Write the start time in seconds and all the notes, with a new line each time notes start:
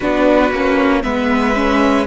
0.00 B3 D4 F#4 B4
0.51 A#3 C#4
1.03 G#3 B3 B4 E5
1.54 C#4